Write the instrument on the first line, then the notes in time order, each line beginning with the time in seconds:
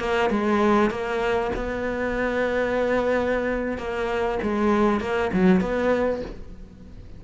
cello
0.00 A#3
0.30 G#3
0.91 A#3
1.56 B3
3.79 A#3
4.43 G#3
5.01 A#3
5.34 F#3
5.61 B3